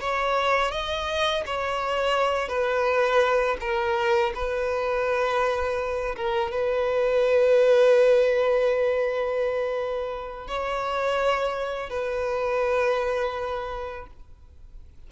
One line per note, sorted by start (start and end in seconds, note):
0.00 0.71 C#5
0.71 1.43 D#5
1.46 2.48 C#5
2.48 3.57 B4
3.60 4.32 A#4
4.34 6.15 B4
6.15 6.51 A#4
6.51 10.47 B4
10.47 11.89 C#5
11.89 14.06 B4